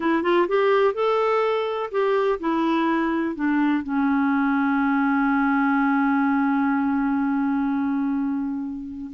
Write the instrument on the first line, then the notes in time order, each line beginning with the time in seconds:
clarinet
0.00 E4
0.22 F4
0.48 G4
0.94 A4
1.91 G4
2.39 E4
3.35 D4
3.83 C#4